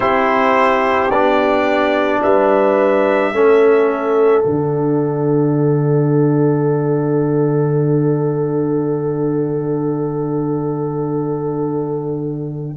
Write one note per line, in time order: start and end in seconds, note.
0.00 1.08 C4
0.00 1.11 E4
0.00 2.20 G4
0.00 1.10 C5
1.08 2.19 B3
1.08 3.34 D4
1.08 2.21 D5
2.22 3.32 G3
2.22 3.34 B4
2.22 4.43 E5
3.32 4.43 A3
3.32 4.44 C#4
3.32 12.77 A4
4.43 12.77 D3
4.43 12.77 D4
4.43 12.76 F#5